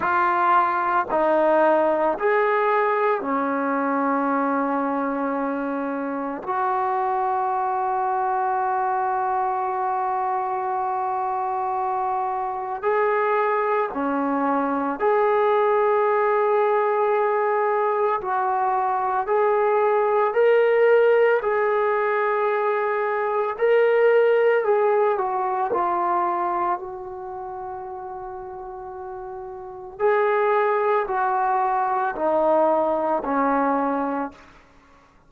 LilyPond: \new Staff \with { instrumentName = "trombone" } { \time 4/4 \tempo 4 = 56 f'4 dis'4 gis'4 cis'4~ | cis'2 fis'2~ | fis'1 | gis'4 cis'4 gis'2~ |
gis'4 fis'4 gis'4 ais'4 | gis'2 ais'4 gis'8 fis'8 | f'4 fis'2. | gis'4 fis'4 dis'4 cis'4 | }